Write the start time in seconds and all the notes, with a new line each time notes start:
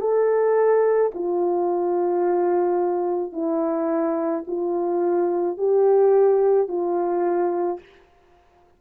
0.00 A4
1.14 F4
3.32 E4
4.47 F4
5.58 G4
6.68 F4